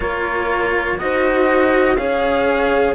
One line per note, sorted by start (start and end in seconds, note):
0.00 1.00 A#3
0.00 0.97 F4
0.00 0.97 A#4
0.00 0.98 C#5
0.98 1.97 D#4
0.98 1.96 F#4
0.98 1.97 C5
0.98 1.95 D#5
1.95 2.94 C#4
1.95 2.94 G#4
1.95 2.94 C#5
1.95 2.94 F5